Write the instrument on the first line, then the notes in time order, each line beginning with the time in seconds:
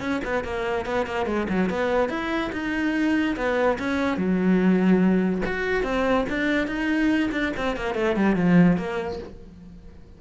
cello
0.00 C#4
0.25 B3
0.44 A#3
0.86 B3
1.06 A#3
1.26 G#3
1.49 F#3
1.70 B3
2.09 E4
2.53 D#4
3.36 B3
3.79 C#4
4.17 F#3
5.46 F#4
5.84 C4
6.29 D4
6.68 D#4
7.32 D4
7.57 C4
7.76 A#3
7.95 A3
8.16 G3
8.36 F3
8.77 A#3